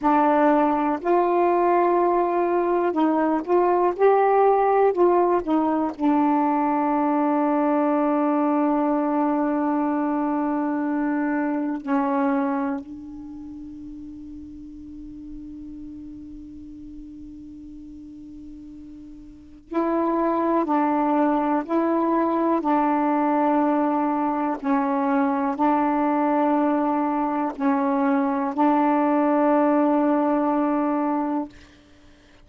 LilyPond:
\new Staff \with { instrumentName = "saxophone" } { \time 4/4 \tempo 4 = 61 d'4 f'2 dis'8 f'8 | g'4 f'8 dis'8 d'2~ | d'1 | cis'4 d'2.~ |
d'1 | e'4 d'4 e'4 d'4~ | d'4 cis'4 d'2 | cis'4 d'2. | }